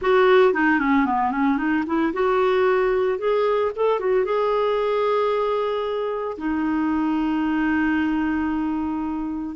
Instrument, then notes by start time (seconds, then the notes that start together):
clarinet
0.01 F#4
0.53 D#4
0.79 C#4
1.05 B3
1.31 C#4
1.57 D#4
1.86 E4
2.13 F#4
3.18 G#4
3.75 A4
3.99 F#4
4.25 G#4
6.37 D#4